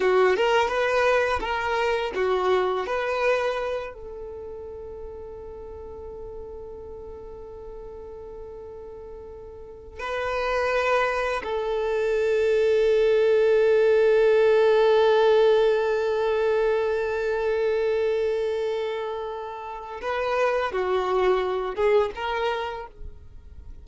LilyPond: \new Staff \with { instrumentName = "violin" } { \time 4/4 \tempo 4 = 84 fis'8 ais'8 b'4 ais'4 fis'4 | b'4. a'2~ a'8~ | a'1~ | a'2 b'2 |
a'1~ | a'1~ | a'1 | b'4 fis'4. gis'8 ais'4 | }